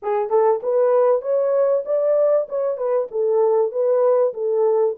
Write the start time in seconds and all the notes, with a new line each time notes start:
0.02 G#4
0.30 A4
0.62 B4
1.21 C#5
1.85 D5
2.48 C#5
2.77 B4
3.11 A4
3.71 B4
4.33 A4